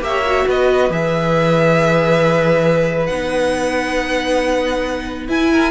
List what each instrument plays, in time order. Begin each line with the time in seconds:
0.00 cello A#3, viola G4, violin E5
0.07 violin C#5
0.26 viola F#4
0.47 cello B3, violin B4 D#5
0.90 cello E3, viola G#4, violin E5
3.06 cello B3, viola D#4, violin F#5
5.28 cello E4, viola E4, violin G#5
5.51 violin A#4